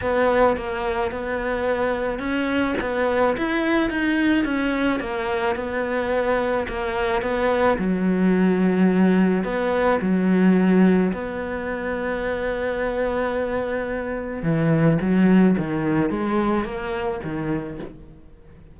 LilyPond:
\new Staff \with { instrumentName = "cello" } { \time 4/4 \tempo 4 = 108 b4 ais4 b2 | cis'4 b4 e'4 dis'4 | cis'4 ais4 b2 | ais4 b4 fis2~ |
fis4 b4 fis2 | b1~ | b2 e4 fis4 | dis4 gis4 ais4 dis4 | }